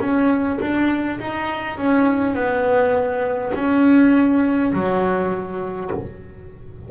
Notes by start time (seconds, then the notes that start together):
0.00 C#4
0.60 D4
1.20 D#4
1.78 C#4
2.34 B3
3.55 C#4
4.73 F#3